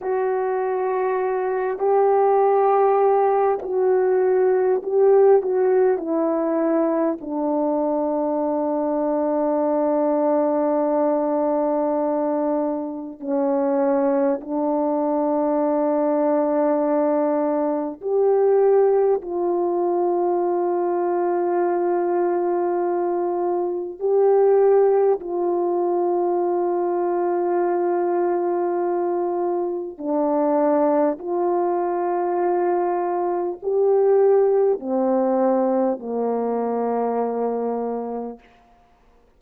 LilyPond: \new Staff \with { instrumentName = "horn" } { \time 4/4 \tempo 4 = 50 fis'4. g'4. fis'4 | g'8 fis'8 e'4 d'2~ | d'2. cis'4 | d'2. g'4 |
f'1 | g'4 f'2.~ | f'4 d'4 f'2 | g'4 c'4 ais2 | }